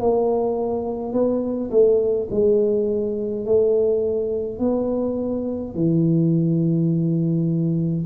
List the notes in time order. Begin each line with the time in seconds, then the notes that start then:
0.00 A#3
1.13 B3
1.71 A3
2.31 G#3
3.46 A3
4.59 B3
5.75 E3